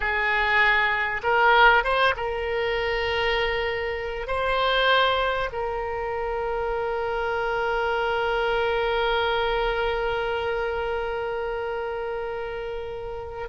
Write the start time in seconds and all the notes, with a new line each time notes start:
0.00 G#4
1.23 A#4
1.84 C5
2.16 A#4
4.27 C5
5.52 A#4